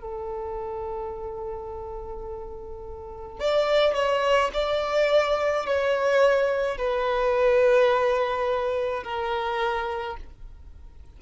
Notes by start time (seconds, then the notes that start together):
0.00 A4
3.40 D5
3.94 C#5
4.53 D5
5.66 C#5
6.77 B4
9.03 A#4